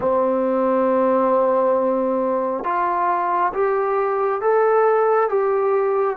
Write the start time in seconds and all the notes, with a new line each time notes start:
0.00 C4
2.64 F4
3.53 G4
4.41 A4
5.29 G4